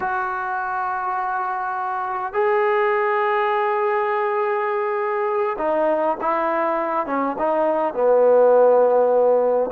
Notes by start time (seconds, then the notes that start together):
0.00 F#4
2.33 G#4
5.58 D#4
6.21 E4
7.06 C#4
7.38 D#4
7.94 B3